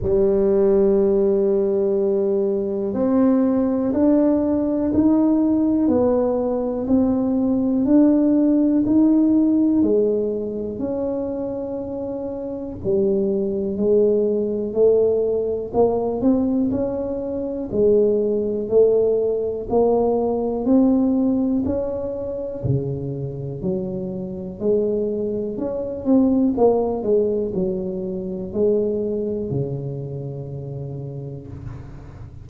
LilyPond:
\new Staff \with { instrumentName = "tuba" } { \time 4/4 \tempo 4 = 61 g2. c'4 | d'4 dis'4 b4 c'4 | d'4 dis'4 gis4 cis'4~ | cis'4 g4 gis4 a4 |
ais8 c'8 cis'4 gis4 a4 | ais4 c'4 cis'4 cis4 | fis4 gis4 cis'8 c'8 ais8 gis8 | fis4 gis4 cis2 | }